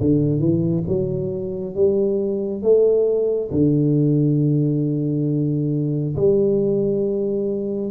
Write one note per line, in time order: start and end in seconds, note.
0.00 0.39 D3
0.39 0.83 E3
0.87 1.74 F#3
1.74 2.62 G3
2.62 3.50 A3
3.51 6.15 D3
6.16 7.91 G3